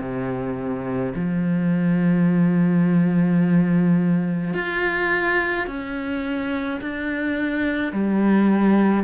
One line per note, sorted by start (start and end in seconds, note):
0.00 1.13 C3
1.16 4.54 F3
4.54 5.68 F4
5.68 6.81 C#4
6.81 7.93 D4
7.93 9.04 G3